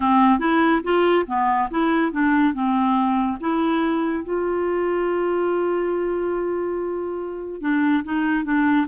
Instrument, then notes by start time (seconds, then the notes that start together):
clarinet
0.00 C4
0.39 E4
0.83 F4
1.27 B3
1.70 E4
2.12 D4
2.53 C4
3.40 E4
4.23 F4
7.61 D4
8.04 D#4
8.44 D4